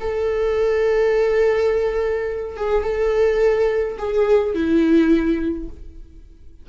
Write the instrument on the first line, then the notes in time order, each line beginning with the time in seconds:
viola
0.00 A4
2.57 G#4
2.83 A4
3.98 G#4
4.55 E4